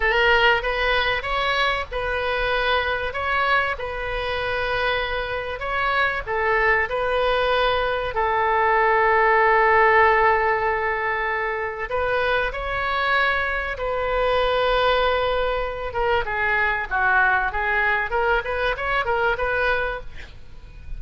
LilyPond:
\new Staff \with { instrumentName = "oboe" } { \time 4/4 \tempo 4 = 96 ais'4 b'4 cis''4 b'4~ | b'4 cis''4 b'2~ | b'4 cis''4 a'4 b'4~ | b'4 a'2.~ |
a'2. b'4 | cis''2 b'2~ | b'4. ais'8 gis'4 fis'4 | gis'4 ais'8 b'8 cis''8 ais'8 b'4 | }